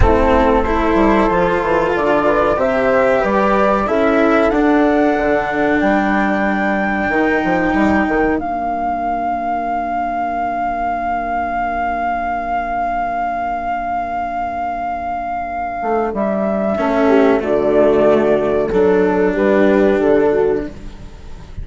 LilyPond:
<<
  \new Staff \with { instrumentName = "flute" } { \time 4/4 \tempo 4 = 93 a'4 c''2 d''4 | e''4 d''4 e''4 fis''4~ | fis''4 g''2.~ | g''4 f''2.~ |
f''1~ | f''1~ | f''4 e''2 d''4~ | d''4 a'4 b'4 a'4 | }
  \new Staff \with { instrumentName = "horn" } { \time 4/4 e'4 a'2~ a'8 b'8 | c''4 b'4 a'2~ | a'4 ais'2.~ | ais'1~ |
ais'1~ | ais'1~ | ais'2 a'8 g'8 fis'4~ | fis'4 a'4 g'4. fis'8 | }
  \new Staff \with { instrumentName = "cello" } { \time 4/4 c'4 e'4 f'2 | g'2 e'4 d'4~ | d'2. dis'4~ | dis'4 d'2.~ |
d'1~ | d'1~ | d'2 cis'4 a4~ | a4 d'2. | }
  \new Staff \with { instrumentName = "bassoon" } { \time 4/4 a4. g8 f8 e8 d4 | c4 g4 cis'4 d'4 | d4 g2 dis8 f8 | g8 dis8 ais2.~ |
ais1~ | ais1~ | ais8 a8 g4 a4 d4~ | d4 fis4 g4 d4 | }
>>